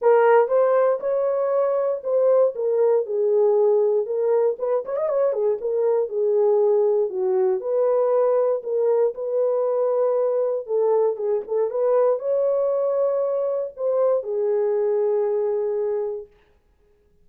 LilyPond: \new Staff \with { instrumentName = "horn" } { \time 4/4 \tempo 4 = 118 ais'4 c''4 cis''2 | c''4 ais'4 gis'2 | ais'4 b'8 cis''16 dis''16 cis''8 gis'8 ais'4 | gis'2 fis'4 b'4~ |
b'4 ais'4 b'2~ | b'4 a'4 gis'8 a'8 b'4 | cis''2. c''4 | gis'1 | }